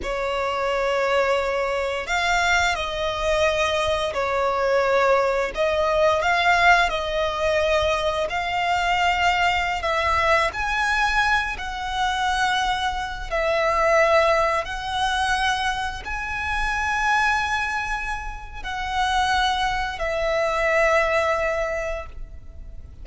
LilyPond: \new Staff \with { instrumentName = "violin" } { \time 4/4 \tempo 4 = 87 cis''2. f''4 | dis''2 cis''2 | dis''4 f''4 dis''2 | f''2~ f''16 e''4 gis''8.~ |
gis''8. fis''2~ fis''8 e''8.~ | e''4~ e''16 fis''2 gis''8.~ | gis''2. fis''4~ | fis''4 e''2. | }